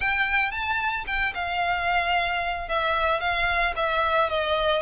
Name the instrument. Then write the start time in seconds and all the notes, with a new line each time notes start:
violin
0.00 G5
0.51 A5
1.06 G5
1.34 F5
2.68 E5
3.20 F5
3.75 E5
4.29 D#5